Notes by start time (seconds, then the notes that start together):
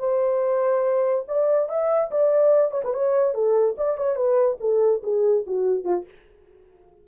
0.00 C5
1.28 D5
1.70 E5
2.12 D5
2.72 C#5
2.85 B4
2.95 C#5
3.34 A4
3.78 D5
3.98 C#5
4.16 B4
4.61 A4
5.03 G#4
5.47 F#4
5.85 F4